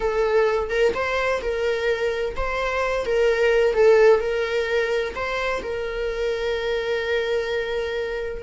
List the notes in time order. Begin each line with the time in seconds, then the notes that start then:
0.00 A4
0.69 A#4
0.94 C5
1.41 A#4
2.36 C5
3.05 A#4
3.73 A4
4.20 A#4
5.15 C5
5.62 A#4